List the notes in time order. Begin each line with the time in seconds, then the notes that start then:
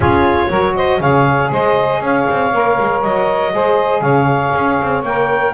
0.00 C#4 F4 G#4 C#5
0.49 F#3 F#4 A#4
0.76 C5 D#5
0.99 C#3 G#4 C#5 F5
1.51 G#3 C5 D#5
2.00 C#4 C#5 F5
2.30 C4
2.52 A#3 A#4
2.79 G#3
3.02 F#3 D#5
3.52 G#3 G#4 C5
4.01 C#3 C#5 F5
4.55 C#4
4.81 C4
5.02 A#3 A#4 G5